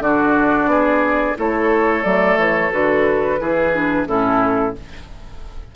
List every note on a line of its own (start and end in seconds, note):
0.00 0.66 D3
0.00 1.37 D4
0.00 0.71 F#4
0.00 1.37 D5
0.66 1.34 B3
0.66 1.38 G#4
1.37 2.05 A3
1.37 2.04 E4
1.37 3.41 A4
1.37 2.04 C#5
2.04 2.38 F#3
2.04 2.71 A3
2.04 2.38 D5
2.38 2.72 E3
2.38 2.72 C#5
2.71 3.41 D3
2.71 3.39 F#4
2.71 4.08 B4
3.41 4.08 E3
3.41 3.74 E4
3.41 4.08 G#4
3.74 4.06 D4
4.06 4.76 A2
4.06 4.74 C#4
4.06 4.76 E4
4.06 4.75 A4